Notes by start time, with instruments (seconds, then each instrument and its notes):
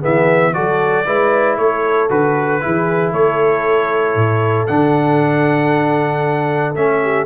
0.00 tuba E3, trombone B3, horn G#4, trumpet E5
0.53 tuba F#3, trombone F#4, horn A4, trumpet D5
1.06 tuba G#3, trombone E4, horn B4
1.57 tuba A3, horn A4, trumpet C#5
2.09 tuba D3, trombone F#4, trumpet B4
2.61 tuba E3, trombone E4, horn G#4
3.12 tuba A3, horn A4, trumpet C#5
4.15 tuba A2
4.67 tuba D3, trombone D4, trumpet F#5
6.75 tuba A3, trombone C#4, trumpet E5
7.02 horn G4